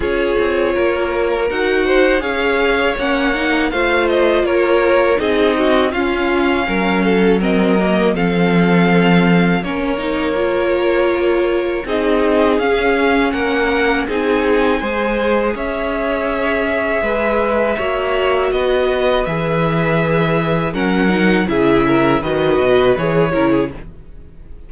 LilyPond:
<<
  \new Staff \with { instrumentName = "violin" } { \time 4/4 \tempo 4 = 81 cis''2 fis''4 f''4 | fis''4 f''8 dis''8 cis''4 dis''4 | f''2 dis''4 f''4~ | f''4 cis''2. |
dis''4 f''4 fis''4 gis''4~ | gis''4 e''2.~ | e''4 dis''4 e''2 | fis''4 e''4 dis''4 cis''4 | }
  \new Staff \with { instrumentName = "violin" } { \time 4/4 gis'4 ais'4. c''8 cis''4~ | cis''4 c''4 ais'4 gis'8 fis'8 | f'4 ais'8 a'8 ais'4 a'4~ | a'4 ais'2. |
gis'2 ais'4 gis'4 | c''4 cis''2 b'4 | cis''4 b'2. | ais'4 gis'8 ais'8 b'4. ais'16 gis'16 | }
  \new Staff \with { instrumentName = "viola" } { \time 4/4 f'2 fis'4 gis'4 | cis'8 dis'8 f'2 dis'4 | cis'2 c'8 ais8 c'4~ | c'4 cis'8 dis'8 f'2 |
dis'4 cis'2 dis'4 | gis'1 | fis'2 gis'2 | cis'8 dis'8 e'4 fis'4 gis'8 e'8 | }
  \new Staff \with { instrumentName = "cello" } { \time 4/4 cis'8 c'8 ais4 dis'4 cis'4 | ais4 a4 ais4 c'4 | cis'4 fis2 f4~ | f4 ais2. |
c'4 cis'4 ais4 c'4 | gis4 cis'2 gis4 | ais4 b4 e2 | fis4 cis4 dis8 b,8 e8 cis8 | }
>>